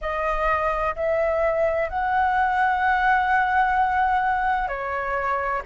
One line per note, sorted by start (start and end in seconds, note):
0.01 0.95 D#5
0.95 1.89 E5
1.89 4.68 F#5
4.68 5.62 C#5